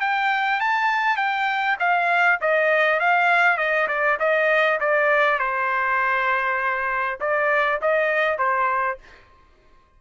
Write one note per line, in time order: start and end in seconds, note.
0.00 0.60 G5
0.60 1.16 A5
1.16 1.76 G5
1.79 2.39 F5
2.41 2.99 D#5
2.99 3.57 F5
3.57 3.87 D#5
3.88 4.18 D5
4.19 4.79 D#5
4.80 5.39 D5
5.39 7.19 C5
7.20 7.80 D5
7.81 8.38 D#5
8.38 8.98 C5